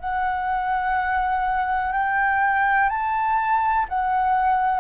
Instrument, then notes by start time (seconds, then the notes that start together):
flute
0.00 F#5
1.93 G5
2.89 A5
3.89 F#5